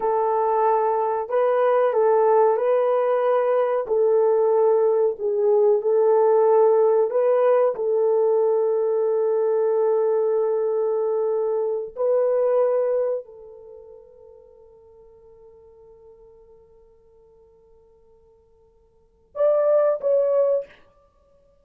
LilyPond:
\new Staff \with { instrumentName = "horn" } { \time 4/4 \tempo 4 = 93 a'2 b'4 a'4 | b'2 a'2 | gis'4 a'2 b'4 | a'1~ |
a'2~ a'8 b'4.~ | b'8 a'2.~ a'8~ | a'1~ | a'2 d''4 cis''4 | }